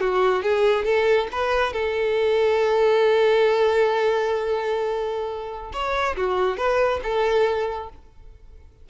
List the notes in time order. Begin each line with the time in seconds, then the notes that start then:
0.00 F#4
0.43 G#4
0.85 A4
1.32 B4
1.73 A4
5.73 C#5
6.16 F#4
6.57 B4
7.03 A4